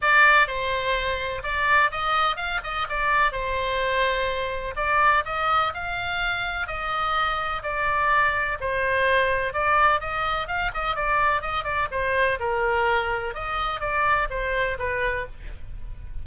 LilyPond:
\new Staff \with { instrumentName = "oboe" } { \time 4/4 \tempo 4 = 126 d''4 c''2 d''4 | dis''4 f''8 dis''8 d''4 c''4~ | c''2 d''4 dis''4 | f''2 dis''2 |
d''2 c''2 | d''4 dis''4 f''8 dis''8 d''4 | dis''8 d''8 c''4 ais'2 | dis''4 d''4 c''4 b'4 | }